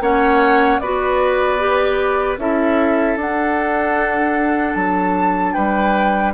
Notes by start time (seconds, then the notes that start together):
0.00 A#3 C#4 C#5 F#5
0.79 B3 F#4 B4 D5
1.58 G4
2.37 C#4 E4 A4 E5
3.16 D4 F#5
4.74 F#3 A5
5.53 G3 B4 G5